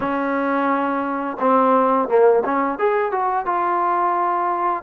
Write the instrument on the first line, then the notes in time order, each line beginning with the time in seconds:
trombone
0.00 C#4
1.39 C4
2.08 A#3
2.45 C#4
2.78 G#4
3.11 F#4
3.45 F4